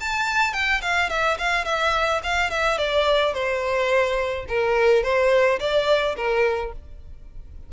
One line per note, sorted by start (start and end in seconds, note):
0.00 0.53 A5
0.53 0.81 G5
0.82 1.10 F5
1.10 1.38 E5
1.38 1.65 F5
1.65 2.21 E5
2.23 2.51 F5
2.51 2.78 E5
2.78 3.33 D5
3.33 4.46 C5
4.49 5.03 A#4
5.03 5.59 C5
5.60 6.16 D5
6.16 6.72 A#4